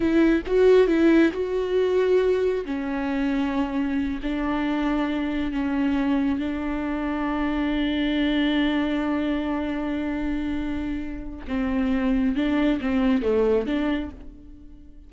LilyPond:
\new Staff \with { instrumentName = "viola" } { \time 4/4 \tempo 4 = 136 e'4 fis'4 e'4 fis'4~ | fis'2 cis'2~ | cis'4. d'2~ d'8~ | d'8 cis'2 d'4.~ |
d'1~ | d'1~ | d'2 c'2 | d'4 c'4 a4 d'4 | }